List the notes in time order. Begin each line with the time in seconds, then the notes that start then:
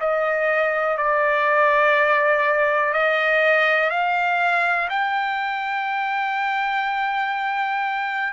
0.00 D#5
0.97 D5
2.93 D#5
3.90 F5
4.89 G5